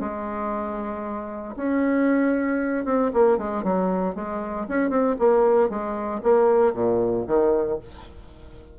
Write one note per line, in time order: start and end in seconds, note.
0.00 1.55 G#3
1.56 2.85 C#4
2.85 3.11 C4
3.14 3.38 A#3
3.38 3.63 G#3
3.63 4.15 F#3
4.15 4.67 G#3
4.69 4.90 C#4
4.90 5.16 C4
5.19 5.70 A#3
5.70 6.21 G#3
6.23 6.74 A#3
6.74 7.26 A#2
7.27 7.79 D#3